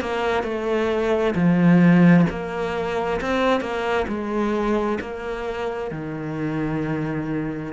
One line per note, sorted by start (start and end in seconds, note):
0.00 0.43 A#3
0.43 1.34 A3
1.35 2.26 F3
2.29 3.20 A#3
3.21 3.60 C4
3.60 4.06 A#3
4.07 4.98 G#3
5.00 5.91 A#3
5.91 7.73 D#3